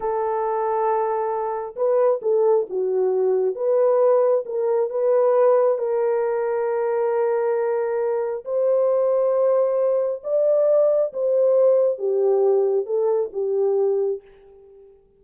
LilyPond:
\new Staff \with { instrumentName = "horn" } { \time 4/4 \tempo 4 = 135 a'1 | b'4 a'4 fis'2 | b'2 ais'4 b'4~ | b'4 ais'2.~ |
ais'2. c''4~ | c''2. d''4~ | d''4 c''2 g'4~ | g'4 a'4 g'2 | }